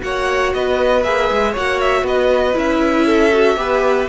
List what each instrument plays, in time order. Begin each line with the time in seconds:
0.00 cello A#3, viola F#4, violin C#5 F#5
0.53 cello B3, violin B4 D#5
1.03 cello A#3, viola G#4, violin E5
1.31 cello G#3
1.52 cello A#3, viola F#4, violin C#5 F#5
1.80 violin E5
2.02 cello B3, violin B4 D#5
2.53 cello C#4, viola E4, violin E5
3.05 violin A4
3.32 viola F#4
3.56 cello B3, viola G4, violin B4